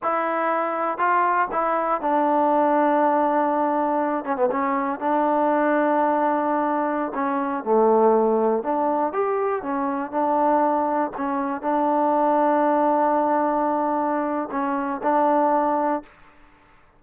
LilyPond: \new Staff \with { instrumentName = "trombone" } { \time 4/4 \tempo 4 = 120 e'2 f'4 e'4 | d'1~ | d'8 cis'16 b16 cis'4 d'2~ | d'2~ d'16 cis'4 a8.~ |
a4~ a16 d'4 g'4 cis'8.~ | cis'16 d'2 cis'4 d'8.~ | d'1~ | d'4 cis'4 d'2 | }